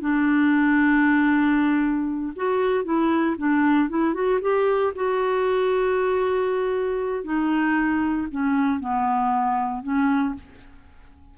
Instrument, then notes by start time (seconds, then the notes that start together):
clarinet
0.00 D4
2.36 F#4
2.84 E4
3.37 D4
3.89 E4
4.13 F#4
4.41 G4
4.95 F#4
7.24 D#4
8.31 C#4
8.80 B3
9.82 C#4